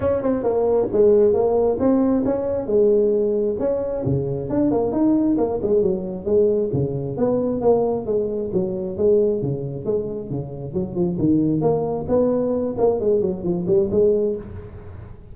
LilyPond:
\new Staff \with { instrumentName = "tuba" } { \time 4/4 \tempo 4 = 134 cis'8 c'8 ais4 gis4 ais4 | c'4 cis'4 gis2 | cis'4 cis4 d'8 ais8 dis'4 | ais8 gis8 fis4 gis4 cis4 |
b4 ais4 gis4 fis4 | gis4 cis4 gis4 cis4 | fis8 f8 dis4 ais4 b4~ | b8 ais8 gis8 fis8 f8 g8 gis4 | }